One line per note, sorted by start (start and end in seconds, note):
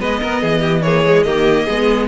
0.00 0.22 G#3
0.00 0.84 B3
0.00 0.21 B4
0.00 0.83 D#5
0.22 0.43 B3
0.22 0.42 A#4
0.42 1.25 E3
0.42 0.61 G#4
0.61 0.82 G4
0.83 1.05 A#3
0.83 1.27 G#4
0.83 1.24 C#5
1.05 1.26 G#3
1.24 1.67 D#3
1.24 1.68 A#3
1.24 1.66 G4
1.24 2.07 D#5
1.66 2.09 G#3
1.66 2.09 B3
1.66 2.08 G#4